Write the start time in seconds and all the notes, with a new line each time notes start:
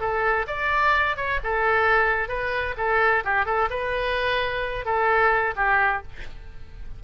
0.00 A4
0.47 D5
1.16 C#5
1.44 A4
2.28 B4
2.77 A4
3.24 G4
3.46 A4
3.70 B4
4.85 A4
5.56 G4